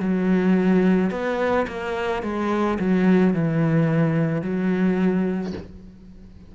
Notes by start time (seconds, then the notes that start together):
0.00 F#3
1.11 B3
1.68 A#3
2.23 G#3
2.79 F#3
3.34 E3
4.42 F#3